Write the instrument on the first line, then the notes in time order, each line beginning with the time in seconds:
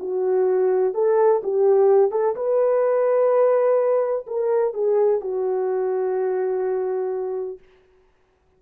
horn
0.00 F#4
0.94 A4
1.44 G4
2.12 A4
2.36 B4
4.27 A#4
4.74 G#4
5.21 F#4